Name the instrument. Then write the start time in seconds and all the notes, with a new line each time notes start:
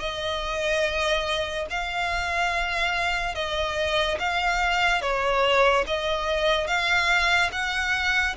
violin
0.00 D#5
1.70 F5
3.35 D#5
4.20 F5
5.02 C#5
5.87 D#5
6.68 F5
7.53 F#5